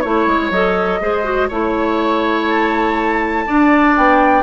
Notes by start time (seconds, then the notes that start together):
0.00 A3 E4 C#5
0.26 G#3
0.50 F#3 A4 D#5
1.01 G#3 G#4 C5
1.24 F#4
1.48 A3 E4 C#5
2.48 A5
3.46 D4 D5
3.96 B3 G5